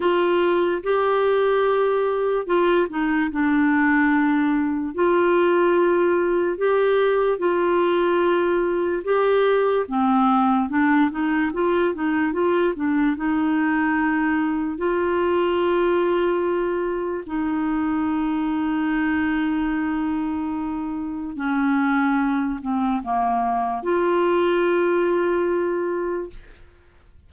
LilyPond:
\new Staff \with { instrumentName = "clarinet" } { \time 4/4 \tempo 4 = 73 f'4 g'2 f'8 dis'8 | d'2 f'2 | g'4 f'2 g'4 | c'4 d'8 dis'8 f'8 dis'8 f'8 d'8 |
dis'2 f'2~ | f'4 dis'2.~ | dis'2 cis'4. c'8 | ais4 f'2. | }